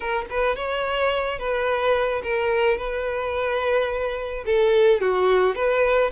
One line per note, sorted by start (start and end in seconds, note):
0.00 0.25 A#4
0.30 0.56 B4
0.56 1.38 C#5
1.38 2.22 B4
2.23 2.77 A#4
2.77 4.44 B4
4.45 5.01 A4
5.01 5.55 F#4
5.55 6.10 B4